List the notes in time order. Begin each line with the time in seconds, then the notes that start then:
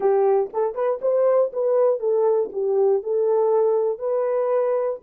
0.00 G4
0.53 A4
0.74 B4
1.01 C5
1.52 B4
1.99 A4
2.52 G4
3.02 A4
3.99 B4